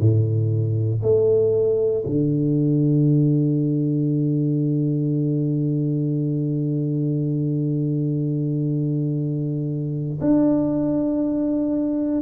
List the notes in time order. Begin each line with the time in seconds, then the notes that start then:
0.00 A2
1.03 A3
2.06 D3
10.21 D4